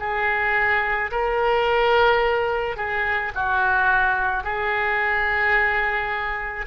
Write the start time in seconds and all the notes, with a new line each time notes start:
0.00 G#4
1.11 A#4
2.77 G#4
3.35 F#4
4.44 G#4